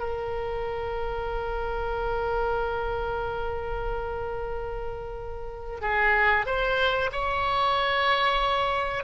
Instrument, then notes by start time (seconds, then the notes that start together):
oboe
0.00 A#4
5.82 G#4
6.46 C5
7.12 C#5